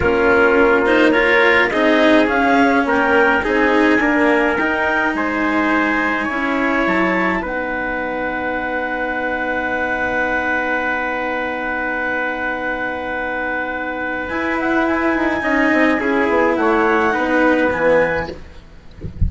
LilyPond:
<<
  \new Staff \with { instrumentName = "clarinet" } { \time 4/4 \tempo 4 = 105 ais'4. c''8 cis''4 dis''4 | f''4 g''4 gis''2 | g''4 gis''2. | a''4 fis''2.~ |
fis''1~ | fis''1~ | fis''4 gis''8 fis''8 gis''2~ | gis''4 fis''2 gis''4 | }
  \new Staff \with { instrumentName = "trumpet" } { \time 4/4 f'2 ais'4 gis'4~ | gis'4 ais'4 gis'4 ais'4~ | ais'4 c''2 cis''4~ | cis''4 b'2.~ |
b'1~ | b'1~ | b'2. dis''4 | gis'4 cis''4 b'2 | }
  \new Staff \with { instrumentName = "cello" } { \time 4/4 cis'4. dis'8 f'4 dis'4 | cis'2 dis'4 ais4 | dis'2. e'4~ | e'4 dis'2.~ |
dis'1~ | dis'1~ | dis'4 e'2 dis'4 | e'2 dis'4 b4 | }
  \new Staff \with { instrumentName = "bassoon" } { \time 4/4 ais2. c'4 | cis'4 ais4 c'4 d'4 | dis'4 gis2 cis'4 | fis4 b2.~ |
b1~ | b1~ | b4 e'4. dis'8 cis'8 c'8 | cis'8 b8 a4 b4 e4 | }
>>